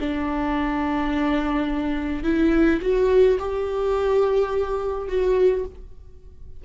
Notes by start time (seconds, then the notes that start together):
0.00 D4
2.24 E4
2.82 F#4
3.40 G4
5.08 F#4